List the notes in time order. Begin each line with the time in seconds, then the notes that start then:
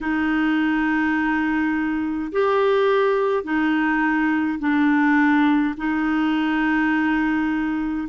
0.00 D#4
2.32 G4
3.43 D#4
4.59 D4
5.77 D#4